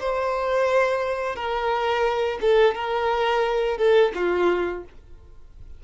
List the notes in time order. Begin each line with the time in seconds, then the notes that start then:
0.00 C5
1.35 A#4
2.41 A4
2.75 A#4
3.78 A4
4.15 F4